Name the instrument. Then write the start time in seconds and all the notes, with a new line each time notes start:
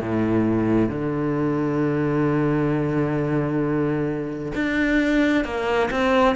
cello
0.00 A2
0.89 D3
4.55 D4
5.44 A#3
5.90 C4